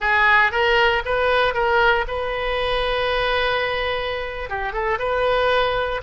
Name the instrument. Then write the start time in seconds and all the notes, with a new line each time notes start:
oboe
0.00 G#4
0.51 A#4
1.05 B4
1.54 A#4
2.07 B4
4.49 G4
4.72 A4
4.98 B4